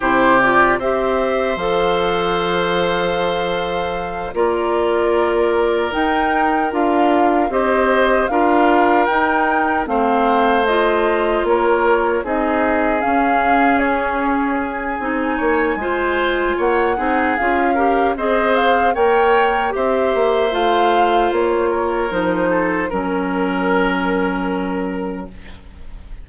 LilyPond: <<
  \new Staff \with { instrumentName = "flute" } { \time 4/4 \tempo 4 = 76 c''8 d''8 e''4 f''2~ | f''4. d''2 g''8~ | g''8 f''4 dis''4 f''4 g''8~ | g''8 f''4 dis''4 cis''4 dis''8~ |
dis''8 f''4 cis''4 gis''4.~ | gis''4 fis''4 f''4 dis''8 f''8 | g''4 e''4 f''4 cis''4 | c''4 ais'2. | }
  \new Staff \with { instrumentName = "oboe" } { \time 4/4 g'4 c''2.~ | c''4. ais'2~ ais'8~ | ais'4. c''4 ais'4.~ | ais'8 c''2 ais'4 gis'8~ |
gis'2.~ gis'8 cis''8 | c''4 cis''8 gis'4 ais'8 c''4 | cis''4 c''2~ c''8 ais'8~ | ais'8 a'8 ais'2. | }
  \new Staff \with { instrumentName = "clarinet" } { \time 4/4 e'8 f'8 g'4 a'2~ | a'4. f'2 dis'8~ | dis'8 f'4 g'4 f'4 dis'8~ | dis'8 c'4 f'2 dis'8~ |
dis'8 cis'2~ cis'8 dis'4 | f'4. dis'8 f'8 g'8 gis'4 | ais'4 g'4 f'2 | dis'4 cis'2. | }
  \new Staff \with { instrumentName = "bassoon" } { \time 4/4 c4 c'4 f2~ | f4. ais2 dis'8~ | dis'8 d'4 c'4 d'4 dis'8~ | dis'8 a2 ais4 c'8~ |
c'8 cis'2~ cis'8 c'8 ais8 | gis4 ais8 c'8 cis'4 c'4 | ais4 c'8 ais8 a4 ais4 | f4 fis2. | }
>>